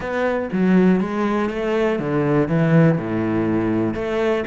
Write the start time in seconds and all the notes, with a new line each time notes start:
0.00 B3
0.52 F#3
1.00 G#3
1.49 A3
1.99 D3
2.48 E3
2.98 A2
3.94 A3